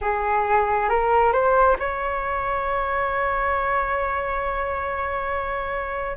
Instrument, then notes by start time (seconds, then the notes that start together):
flute
0.01 G#4
0.89 A#4
1.32 C5
1.79 C#5